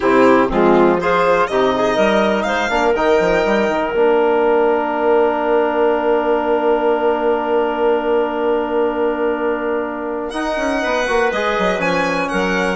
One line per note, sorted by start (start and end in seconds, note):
0.00 0.50 C3
0.00 0.50 C4
0.00 0.48 E4
0.00 0.49 G4
0.48 1.48 F3
0.48 1.01 G#3
0.48 0.97 C4
0.48 1.00 F4
0.99 1.50 F4
0.99 1.48 G#4
0.99 1.47 C5
1.47 1.97 C3
1.47 2.69 D#4
1.47 1.73 G4
1.47 2.43 D#5
1.75 1.95 G#4
1.95 2.45 G3
1.95 2.44 A#4
2.43 2.69 G#3
2.43 2.70 C5
2.43 2.92 F5
2.69 2.94 A#3
2.69 2.93 D4
2.69 10.81 A#4
2.94 3.19 D#3
2.94 3.94 D#4
2.94 3.92 G5
3.20 3.44 F3
3.44 3.68 G3
3.68 3.93 D#3
3.92 10.33 A#3
3.92 10.33 D4
3.92 10.30 F5
10.30 11.07 D#4
10.30 10.56 D#4
10.30 11.29 F#5
10.56 10.81 C#4
10.81 11.08 B3
10.81 12.29 B4
11.07 11.32 A#3
11.07 11.32 F#4
11.32 11.57 G#3
11.32 11.78 G#4
11.32 11.81 D#5
11.58 11.79 F#3
11.78 12.28 F3
11.78 12.75 C#4
11.78 12.28 G#5
12.28 12.75 F#3
12.28 12.75 A#4
12.28 12.75 F#5